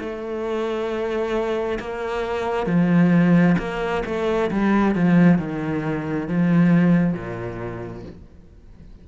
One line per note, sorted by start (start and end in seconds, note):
0.00 1.79 A3
1.80 2.67 A#3
2.67 3.56 F3
3.59 4.03 A#3
4.06 4.51 A3
4.51 4.95 G3
4.95 5.39 F3
5.39 6.28 D#3
6.28 7.14 F3
7.14 8.03 A#2